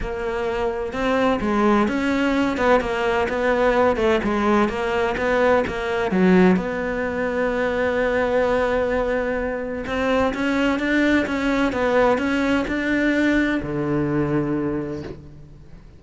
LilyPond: \new Staff \with { instrumentName = "cello" } { \time 4/4 \tempo 4 = 128 ais2 c'4 gis4 | cis'4. b8 ais4 b4~ | b8 a8 gis4 ais4 b4 | ais4 fis4 b2~ |
b1~ | b4 c'4 cis'4 d'4 | cis'4 b4 cis'4 d'4~ | d'4 d2. | }